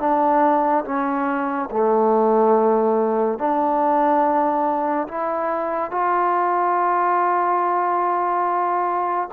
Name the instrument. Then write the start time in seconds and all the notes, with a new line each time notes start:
trombone
0.00 D4
0.85 C#4
1.71 A3
3.39 D4
5.08 E4
5.91 F4